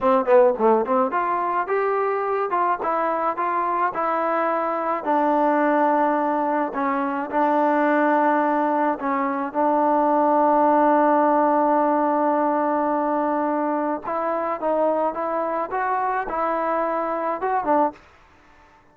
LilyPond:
\new Staff \with { instrumentName = "trombone" } { \time 4/4 \tempo 4 = 107 c'8 b8 a8 c'8 f'4 g'4~ | g'8 f'8 e'4 f'4 e'4~ | e'4 d'2. | cis'4 d'2. |
cis'4 d'2.~ | d'1~ | d'4 e'4 dis'4 e'4 | fis'4 e'2 fis'8 d'8 | }